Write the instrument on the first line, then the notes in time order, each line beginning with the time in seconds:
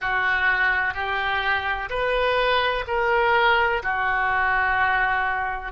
oboe
0.01 F#4
0.94 G4
1.89 B4
2.87 A#4
3.83 F#4